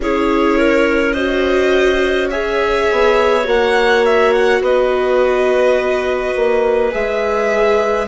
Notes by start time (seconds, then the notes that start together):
0.00 C#4 E4 G#4 C#5
0.58 A#4
1.12 F#4 C5 D#5
2.30 G#4 C#5 E5
2.91 B3
3.43 A#3 F#4 F#5
4.05 E5
4.32 F#5
4.61 B3 B4 D#5
6.35 A#3
6.91 G#3 G#4 E5